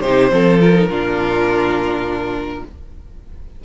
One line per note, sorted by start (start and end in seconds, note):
0.00 0.31 C3
0.00 0.30 D#4
0.00 0.31 G4
0.00 0.58 C5
0.30 0.87 F3
0.30 0.59 C4
0.30 0.89 A4
0.60 0.74 F4
0.60 2.64 A#4
0.74 0.88 D#4
0.87 2.62 A#2
0.87 2.64 D4
0.87 2.64 F4